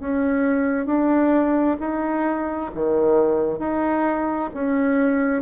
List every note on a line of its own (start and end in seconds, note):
0.00 0.86 C#4
0.86 1.77 D4
1.80 2.71 D#4
2.75 3.59 D#3
3.59 4.50 D#4
4.55 5.43 C#4